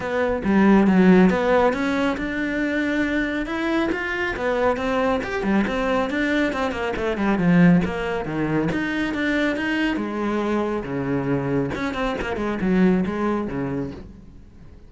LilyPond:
\new Staff \with { instrumentName = "cello" } { \time 4/4 \tempo 4 = 138 b4 g4 fis4 b4 | cis'4 d'2. | e'4 f'4 b4 c'4 | g'8 g8 c'4 d'4 c'8 ais8 |
a8 g8 f4 ais4 dis4 | dis'4 d'4 dis'4 gis4~ | gis4 cis2 cis'8 c'8 | ais8 gis8 fis4 gis4 cis4 | }